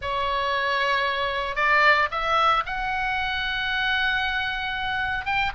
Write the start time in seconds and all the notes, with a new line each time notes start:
0.01 C#5
1.55 D5
2.11 E5
2.66 F#5
5.25 G5